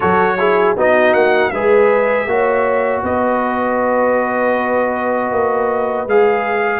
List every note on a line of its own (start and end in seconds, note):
0.00 0.77 F#3
0.00 0.38 F#4
0.00 0.36 A4
0.00 0.75 C#5
0.38 0.76 E4
0.38 0.76 G#4
0.76 1.13 B3
0.76 1.52 D#4
0.76 1.52 F#4
0.76 1.13 D#5
1.13 1.51 A#3
1.13 1.50 F#5
1.50 2.26 G#3
1.50 2.28 G#4
1.50 2.28 B4
1.50 3.02 E5
2.26 3.02 A#3
2.26 6.08 F#4
2.26 3.03 C#5
3.03 5.31 B3
3.03 6.79 B4
3.03 6.08 D#5
5.31 6.06 A#3
6.06 6.79 G#3
6.06 6.79 G#4
6.06 6.79 F5